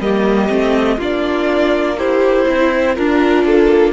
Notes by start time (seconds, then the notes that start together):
0.00 G3 A#3 G4 D#5
0.49 A3 C4
0.98 A#3 D4 F4 D5
1.98 E4 G4 C5
2.48 C4 E4
2.96 D4 F4 A#4
3.44 A#3 A4